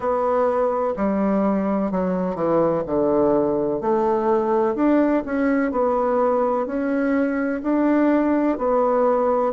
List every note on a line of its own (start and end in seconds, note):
0.00 0.94 B3
0.96 1.90 G3
1.90 2.35 F#3
2.35 2.82 E3
2.86 3.81 D3
3.81 4.75 A3
4.75 5.23 D4
5.25 5.71 C#4
5.71 6.66 B3
6.66 7.61 C#4
7.62 8.58 D4
8.58 9.52 B3